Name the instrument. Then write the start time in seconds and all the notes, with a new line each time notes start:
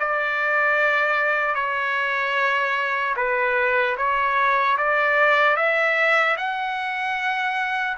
trumpet
0.00 D5
1.55 C#5
3.17 B4
3.97 C#5
4.78 D5
5.57 E5
6.37 F#5